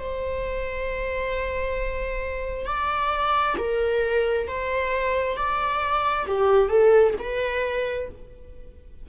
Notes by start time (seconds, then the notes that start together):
0.00 C5
2.67 D5
3.58 A#4
4.48 C5
5.37 D5
6.27 G4
6.70 A4
7.19 B4